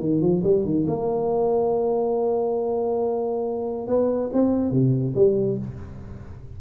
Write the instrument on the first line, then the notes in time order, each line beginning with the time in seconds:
tuba
0.00 D#3
0.22 F3
0.44 G3
0.65 D#3
0.88 A#3
3.88 B3
4.33 C4
4.71 C3
5.16 G3